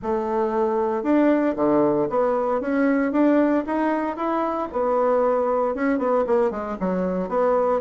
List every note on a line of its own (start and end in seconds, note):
0.02 1.03 A3
1.03 1.55 D4
1.56 2.08 D3
2.09 2.61 B3
2.61 3.11 C#4
3.11 3.64 D4
3.66 4.16 D#4
4.16 4.68 E4
4.72 5.74 B3
5.74 5.98 C#4
5.98 6.24 B3
6.26 6.50 A#3
6.50 6.76 G#3
6.79 7.29 F#3
7.29 7.80 B3